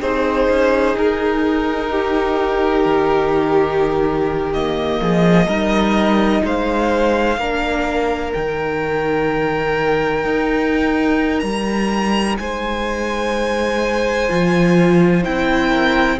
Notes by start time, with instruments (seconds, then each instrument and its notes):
0.00 cello C4, viola D#4, violin G#4 C5
0.49 cello C#4
0.94 cello D#4, violin A#4
1.90 violin G4
2.85 cello D#3
4.52 viola A#3, violin D#5
5.00 cello F3, violin G#4
5.47 cello G3, viola D#4, violin A#4
6.43 cello G#3, violin C5 F5
7.37 cello A#3, viola D4, violin A#4
8.33 cello D#3, viola D#4, violin G5
10.24 cello D#4
11.39 cello G3, violin A#5
12.37 cello G#3, violin C5 G#5
14.28 cello F3, viola F4
15.23 cello C4, viola E4, violin G5
15.68 violin A#4